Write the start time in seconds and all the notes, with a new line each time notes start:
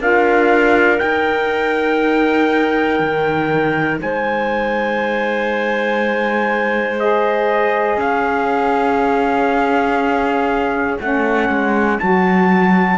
0.00 D4 F4 A#4 F5
0.97 D#4 G5
1.03 D#4
3.00 D#3
4.01 G#3 C5 G#5
7.00 G#4 D#5
7.97 C#4 C#5 F5
11.01 A3 C#4 F#5
11.49 G#3
12.00 F#3 F#4 A5